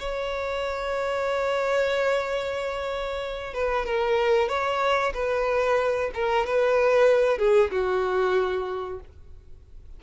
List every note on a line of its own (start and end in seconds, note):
0.00 3.54 C#5
3.54 3.86 B4
3.86 4.49 A#4
4.49 5.13 C#5
5.14 6.11 B4
6.15 6.47 A#4
6.47 7.39 B4
7.39 7.71 G#4
7.71 9.00 F#4